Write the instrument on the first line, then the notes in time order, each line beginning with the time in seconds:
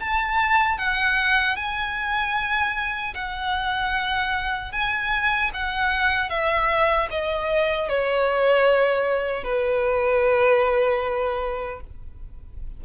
violin
0.00 A5
0.78 F#5
1.56 G#5
3.14 F#5
4.72 G#5
5.53 F#5
6.29 E5
7.10 D#5
7.88 C#5
9.43 B4